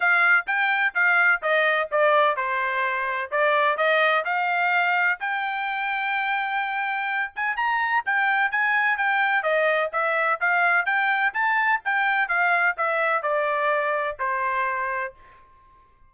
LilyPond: \new Staff \with { instrumentName = "trumpet" } { \time 4/4 \tempo 4 = 127 f''4 g''4 f''4 dis''4 | d''4 c''2 d''4 | dis''4 f''2 g''4~ | g''2.~ g''8 gis''8 |
ais''4 g''4 gis''4 g''4 | dis''4 e''4 f''4 g''4 | a''4 g''4 f''4 e''4 | d''2 c''2 | }